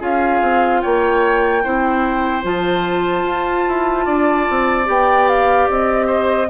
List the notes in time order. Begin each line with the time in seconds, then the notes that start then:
0.00 C#4 F4 G#4 F5
0.42 C4
0.81 A#3 C#5 G5
1.64 C4 E4 C5
2.43 F3 F4 A5
3.24 F4
3.68 E4
4.05 D4 D5
4.50 C4
4.85 B3 G4 G5
5.29 F5
5.69 C4 D#5
6.07 C5